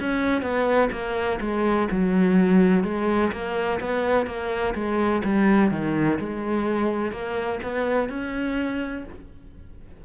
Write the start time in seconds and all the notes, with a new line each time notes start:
0.00 C#4
0.42 B3
0.92 A#3
1.41 G#3
1.91 F#3
2.84 G#3
3.32 A#3
3.81 B3
4.26 A#3
4.74 G#3
5.24 G3
5.71 D#3
6.19 G#3
7.12 A#3
7.63 B3
8.09 C#4